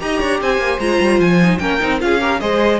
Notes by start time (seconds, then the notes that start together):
0.00 D#4 G4 D#5 A#5
0.19 D4 C#5
0.41 C4 C5 G#5
0.58 A#3
0.79 G#3 F4 A#5
1.00 G3
1.19 F3 G#5
1.43 D#4
1.58 A#3 C#4 A#4 G5
1.80 C4 D#4
1.99 C#4 F4 G#4 F5
2.20 G4 A#4
2.40 G#3 G#4 C5 D#5